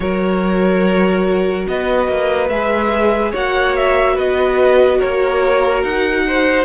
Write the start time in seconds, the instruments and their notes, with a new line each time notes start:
0.00 cello F#3, viola F#4, violin A#4 C#5
1.68 cello B3, violin B4 D#5
2.07 cello A#3
2.48 cello G#3, viola G#4, violin E5
3.31 cello A#3, viola F#4, violin C#5 F#5
3.76 violin E5
4.14 cello B3, violin B4 D#5
4.98 cello A#3, violin A#4 C#5
5.83 cello D#4, violin F#5
6.27 violin C5